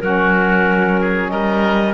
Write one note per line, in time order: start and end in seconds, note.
0.00 1.31 F#3
0.00 1.94 C#4
0.00 1.01 F#4
0.00 1.29 A#4
1.01 1.31 G#4
1.29 1.94 G3
1.29 1.94 A#4
1.29 1.94 D#5